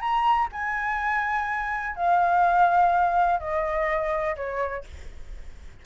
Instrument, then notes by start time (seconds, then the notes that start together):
flute
0.00 A#5
0.52 G#5
1.95 F5
3.40 D#5
4.36 C#5